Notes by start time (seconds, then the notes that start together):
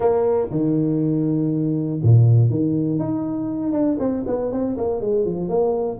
0.00 A#3
0.50 D#3
2.02 A#2
2.50 D#3
2.99 D#4
3.72 D4
3.99 C4
4.27 B3
4.52 C4
4.77 A#3
5.00 G#3
5.25 F3
5.48 A#3